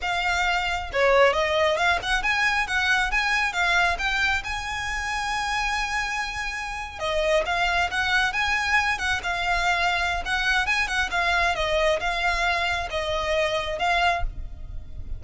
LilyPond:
\new Staff \with { instrumentName = "violin" } { \time 4/4 \tempo 4 = 135 f''2 cis''4 dis''4 | f''8 fis''8 gis''4 fis''4 gis''4 | f''4 g''4 gis''2~ | gis''2.~ gis''8. dis''16~ |
dis''8. f''4 fis''4 gis''4~ gis''16~ | gis''16 fis''8 f''2~ f''16 fis''4 | gis''8 fis''8 f''4 dis''4 f''4~ | f''4 dis''2 f''4 | }